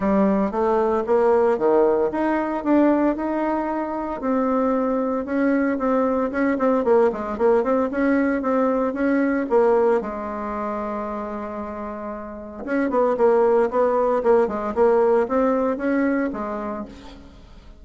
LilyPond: \new Staff \with { instrumentName = "bassoon" } { \time 4/4 \tempo 4 = 114 g4 a4 ais4 dis4 | dis'4 d'4 dis'2 | c'2 cis'4 c'4 | cis'8 c'8 ais8 gis8 ais8 c'8 cis'4 |
c'4 cis'4 ais4 gis4~ | gis1 | cis'8 b8 ais4 b4 ais8 gis8 | ais4 c'4 cis'4 gis4 | }